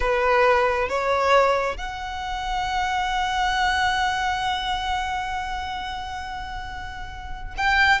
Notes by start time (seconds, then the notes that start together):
0.00 B4
0.88 C#5
1.77 F#5
7.57 G5